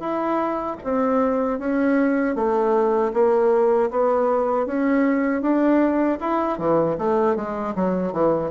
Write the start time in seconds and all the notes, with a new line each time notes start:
0.00 E4
0.84 C4
1.59 C#4
2.36 A3
3.14 A#3
3.91 B3
4.66 C#4
5.42 D4
6.20 E4
6.58 E3
6.99 A3
7.36 G#3
7.76 F#3
8.13 E3